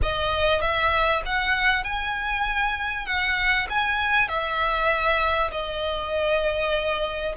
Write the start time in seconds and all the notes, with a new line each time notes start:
0.02 D#5
0.61 E5
1.26 F#5
1.84 G#5
3.06 F#5
3.69 G#5
4.28 E5
5.51 D#5